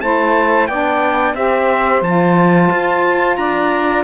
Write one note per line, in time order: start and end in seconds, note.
0.00 0.68 A3
0.00 0.69 E4
0.00 0.68 C5
0.00 0.67 A5
0.67 1.34 B3
0.67 1.35 D4
0.67 1.36 D5
0.67 1.34 G5
1.34 2.01 C4
1.34 2.03 G4
1.34 3.38 C5
1.34 2.02 E5
2.01 2.69 F3
2.01 4.04 F4
2.01 3.36 A5
2.70 3.37 F4
3.36 4.04 D4
3.36 4.04 D5
3.36 4.04 A#5